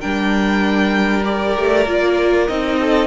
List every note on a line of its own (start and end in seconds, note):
0.00 1.57 G3
0.00 1.24 D4
0.00 2.79 A#4
0.00 1.24 G5
1.24 1.86 G4
1.24 2.48 D5
1.57 1.86 A3
1.86 2.48 A#3
1.86 2.48 F4
2.48 3.07 C4
2.48 3.07 D#4
2.48 3.07 D#5
2.79 3.07 A4